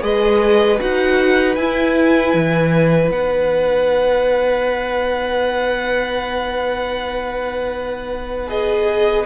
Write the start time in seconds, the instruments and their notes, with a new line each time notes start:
0.00 cello G#3, viola G#4, violin B4 D#5
0.77 cello D#4, viola F#4, violin F#5
1.55 cello E4, viola E4, violin G#5
2.33 cello E3
3.10 cello B3, viola D#4, violin F#5
8.47 viola G#4, violin D#5